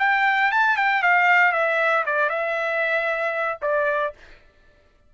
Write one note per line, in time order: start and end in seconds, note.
0.00 0.52 G5
0.52 0.77 A5
0.77 1.03 G5
1.03 1.53 F5
1.53 2.05 E5
2.06 2.30 D5
2.30 3.59 E5
3.62 4.14 D5